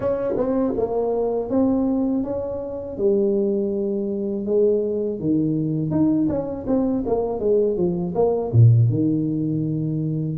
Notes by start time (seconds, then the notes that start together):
0.00 C#4
0.36 C4
0.77 A#3
1.49 C4
2.23 C#4
2.97 G3
4.45 G#3
5.19 D#3
5.91 D#4
6.28 C#4
6.66 C4
7.06 A#3
7.39 G#3
7.76 F3
8.14 A#3
8.52 A#2
8.89 D#3